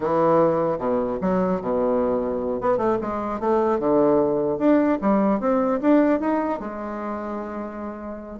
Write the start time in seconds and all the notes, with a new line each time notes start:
0.00 E3
0.78 B2
1.21 F#3
1.61 B2
2.61 B3
2.77 A3
3.01 G#3
3.39 A3
3.79 D3
4.58 D4
5.01 G3
5.40 C4
5.81 D4
6.20 D#4
6.59 G#3